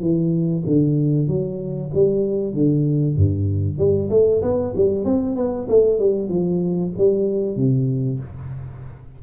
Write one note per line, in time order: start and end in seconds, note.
0.00 0.63 E3
0.67 1.28 D3
1.28 1.91 F#3
1.94 2.53 G3
2.53 3.16 D3
3.16 3.78 G2
3.78 4.10 G3
4.10 4.42 A3
4.42 4.74 B3
4.76 5.05 G3
5.05 5.36 C4
5.36 5.68 B3
5.69 5.99 A3
5.99 6.29 G3
6.29 6.92 F3
6.98 7.56 G3
7.56 8.20 C3